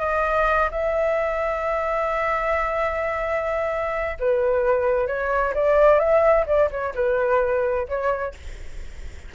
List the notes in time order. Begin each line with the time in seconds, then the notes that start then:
0.00 D#5
0.72 E5
4.20 B4
5.08 C#5
5.55 D5
6.00 E5
6.47 D5
6.71 C#5
6.95 B4
7.89 C#5